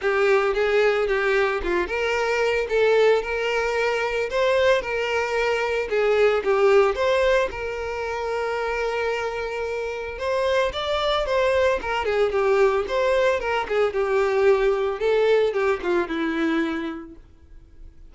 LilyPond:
\new Staff \with { instrumentName = "violin" } { \time 4/4 \tempo 4 = 112 g'4 gis'4 g'4 f'8 ais'8~ | ais'4 a'4 ais'2 | c''4 ais'2 gis'4 | g'4 c''4 ais'2~ |
ais'2. c''4 | d''4 c''4 ais'8 gis'8 g'4 | c''4 ais'8 gis'8 g'2 | a'4 g'8 f'8 e'2 | }